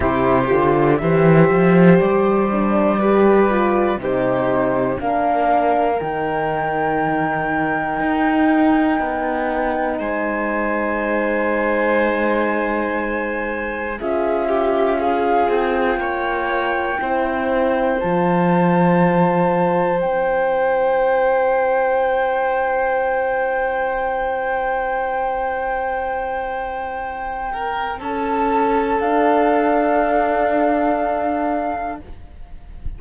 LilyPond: <<
  \new Staff \with { instrumentName = "flute" } { \time 4/4 \tempo 4 = 60 c''4 e''4 d''2 | c''4 f''4 g''2~ | g''2 gis''2~ | gis''2 e''4 f''8 g''8~ |
g''2 a''2 | g''1~ | g''1 | a''4 f''2. | }
  \new Staff \with { instrumentName = "violin" } { \time 4/4 g'4 c''2 b'4 | g'4 ais'2.~ | ais'2 c''2~ | c''2 gis'8 g'8 gis'4 |
cis''4 c''2.~ | c''1~ | c''2.~ c''8 ais'8 | a'1 | }
  \new Staff \with { instrumentName = "horn" } { \time 4/4 e'8 f'8 g'4. d'8 g'8 f'8 | dis'4 d'4 dis'2~ | dis'1~ | dis'2 f'2~ |
f'4 e'4 f'2 | e'1~ | e'1~ | e'4 d'2. | }
  \new Staff \with { instrumentName = "cello" } { \time 4/4 c8 d8 e8 f8 g2 | c4 ais4 dis2 | dis'4 b4 gis2~ | gis2 cis'4. c'8 |
ais4 c'4 f2 | c'1~ | c'1 | cis'4 d'2. | }
>>